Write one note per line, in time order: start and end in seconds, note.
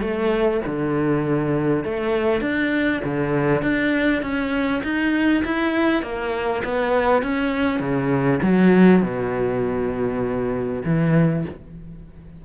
0.00 0.60 A3
0.66 1.84 D3
1.84 2.41 A3
2.41 3.01 D4
3.04 3.62 D3
3.62 4.22 D4
4.22 4.82 C#4
4.83 5.43 D#4
5.44 6.02 E4
6.02 6.62 A#3
6.64 7.22 B3
7.22 7.79 C#4
7.79 8.39 C#3
8.42 9.02 F#3
9.02 10.82 B2
10.85 11.44 E3